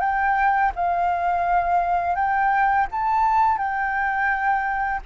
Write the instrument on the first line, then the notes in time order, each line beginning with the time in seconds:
flute
0.00 G5
0.75 F5
2.15 G5
2.91 A5
3.58 G5